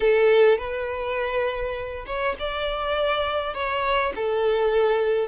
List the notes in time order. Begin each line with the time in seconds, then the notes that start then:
0.00 A4
0.57 B4
2.06 C#5
2.39 D5
3.53 C#5
4.15 A4